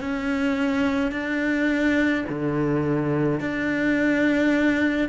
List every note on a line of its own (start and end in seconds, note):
0.00 1.11 C#4
1.11 2.24 D4
2.29 3.40 D3
3.40 5.09 D4